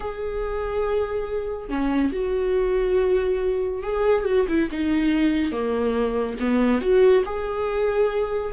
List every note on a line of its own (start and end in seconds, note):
0.00 1.69 G#4
1.69 2.11 C#4
2.12 3.82 F#4
3.82 4.25 G#4
4.25 4.46 F#4
4.48 4.69 E4
4.71 5.52 D#4
5.52 6.37 A#3
6.39 6.81 B3
6.81 7.23 F#4
7.25 8.53 G#4